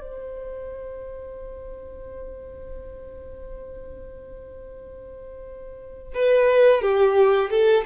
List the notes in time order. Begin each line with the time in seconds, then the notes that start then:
0.00 C5
6.14 B4
6.82 G4
7.50 A4